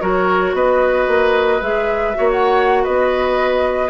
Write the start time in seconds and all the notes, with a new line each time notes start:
0.00 F#3 F#4 A#4 C#5
0.53 B3 B4 D#5
1.08 A#3
1.61 G#3 G#4 E5
2.15 A#3 F#4 C#5
2.32 F#5
2.83 B3 B4 D#5